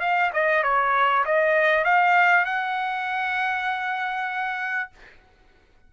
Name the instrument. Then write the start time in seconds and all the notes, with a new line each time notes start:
trumpet
0.00 F5
0.33 D#5
0.63 C#5
1.25 D#5
1.84 F5
2.45 F#5